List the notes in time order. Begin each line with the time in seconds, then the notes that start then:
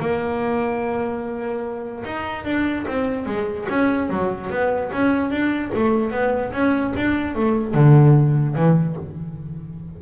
0.00 A#3
2.05 D#4
2.45 D4
2.87 C4
3.26 G#3
3.69 C#4
4.09 F#3
4.50 B3
4.92 C#4
5.31 D4
5.74 A3
6.11 B3
6.53 C#4
6.96 D4
7.35 A3
7.74 D3
8.55 E3